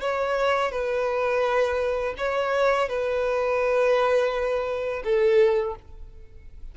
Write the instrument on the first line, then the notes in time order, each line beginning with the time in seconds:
violin
0.00 C#5
0.71 B4
2.17 C#5
2.88 B4
5.04 A4